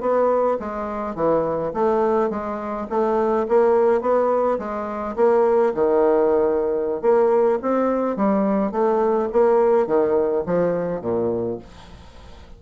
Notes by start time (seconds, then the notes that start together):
0.00 B3
0.59 G#3
1.15 E3
1.73 A3
2.30 G#3
2.89 A3
3.48 A#3
4.01 B3
4.58 G#3
5.16 A#3
5.74 D#3
7.01 A#3
7.62 C4
8.16 G3
8.71 A3
9.32 A#3
9.87 D#3
10.46 F3
11.01 A#2